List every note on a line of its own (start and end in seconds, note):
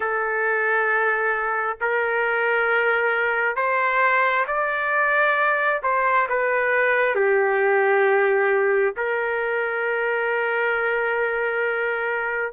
0.00 1.77 A4
1.80 3.56 A#4
3.56 4.45 C5
4.47 5.81 D5
5.82 6.27 C5
6.29 7.15 B4
7.15 8.94 G4
8.96 12.52 A#4